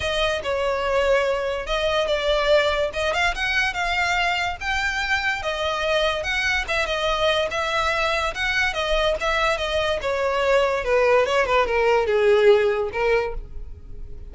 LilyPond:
\new Staff \with { instrumentName = "violin" } { \time 4/4 \tempo 4 = 144 dis''4 cis''2. | dis''4 d''2 dis''8 f''8 | fis''4 f''2 g''4~ | g''4 dis''2 fis''4 |
e''8 dis''4. e''2 | fis''4 dis''4 e''4 dis''4 | cis''2 b'4 cis''8 b'8 | ais'4 gis'2 ais'4 | }